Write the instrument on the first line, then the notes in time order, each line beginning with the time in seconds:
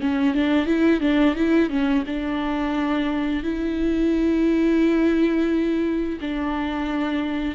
viola
0.00 C#4
0.34 D4
0.66 E4
1.00 D4
1.35 E4
1.69 C#4
2.06 D4
3.43 E4
6.20 D4